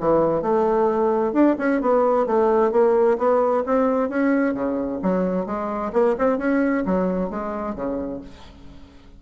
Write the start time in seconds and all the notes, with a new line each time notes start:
0.00 E3
0.42 A3
1.33 D4
1.58 C#4
1.82 B3
2.27 A3
2.72 A#3
3.18 B3
3.66 C4
4.09 C#4
4.54 C#3
5.02 F#3
5.46 G#3
5.93 A#3
6.18 C4
6.38 C#4
6.86 F#3
7.30 G#3
7.75 C#3